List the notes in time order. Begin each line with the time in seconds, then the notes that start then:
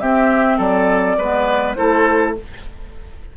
0.00 C4 G4 E5
0.58 F#3 A4 D5
1.18 G#3 B3 B4
1.74 A3 E4 A4 C5